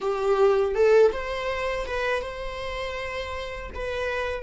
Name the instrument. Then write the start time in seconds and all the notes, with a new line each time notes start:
viola
0.00 G4
0.74 A4
1.11 C5
1.86 B4
2.22 C5
3.74 B4